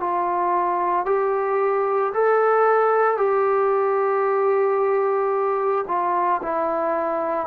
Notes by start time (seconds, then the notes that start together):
0.00 F4
1.06 G4
2.13 A4
3.17 G4
5.87 F4
6.42 E4